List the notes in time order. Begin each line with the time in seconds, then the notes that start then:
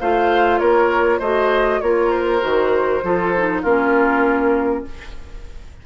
0.00 A3 F4 C5 F5
0.59 A#3 A#4 C#5
1.19 A3 F#4 C5 D#5
1.81 A#3 F4 A#4 C#5
2.10 C5
2.40 D#3 F#4
3.03 F3 F4 A4
3.37 D#4
3.62 A#3 C#4 F4 A#4